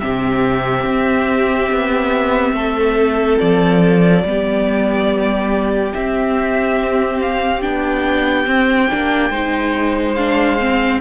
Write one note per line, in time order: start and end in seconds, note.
0.00 0.85 C3
0.00 4.23 C4
0.00 2.55 G4
0.00 3.39 E5
0.85 1.70 C4
1.72 2.53 B3
2.53 3.37 A3
2.53 4.24 A4
3.39 4.24 F3
3.39 5.93 D5
4.24 5.93 G3
4.24 5.94 B3
4.24 9.30 G4
5.94 7.62 C4
5.94 7.65 C4
5.94 7.21 E5
7.22 7.62 F5
7.62 8.47 B3
7.62 8.45 D4
7.62 10.15 G5
8.45 8.88 C4
8.45 8.89 C4
8.90 9.30 A#3
8.90 9.32 D4
9.30 10.99 G#3
9.30 10.17 D#4
9.30 10.99 C5
10.15 10.60 D4
10.15 11.00 F5
10.60 11.01 C4